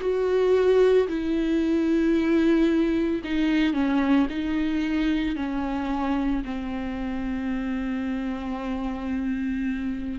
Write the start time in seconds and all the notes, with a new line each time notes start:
0.00 F#4
1.07 E4
3.24 D#4
3.73 C#4
4.29 D#4
5.35 C#4
6.44 C4